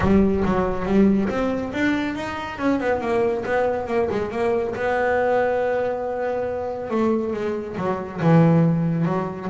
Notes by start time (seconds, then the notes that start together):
0.00 G3
0.44 F#3
0.85 G3
1.29 C4
1.73 D4
2.15 D#4
2.58 C#4
2.80 B3
3.00 A#3
3.45 B3
3.87 A#3
4.10 G#3
4.31 A#3
4.75 B3
6.90 A3
7.33 G#3
7.77 F#3
8.21 E3
9.05 F#3